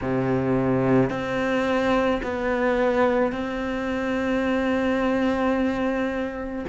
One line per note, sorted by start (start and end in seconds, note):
0.01 1.10 C3
1.10 2.21 C4
2.22 3.31 B3
3.31 6.65 C4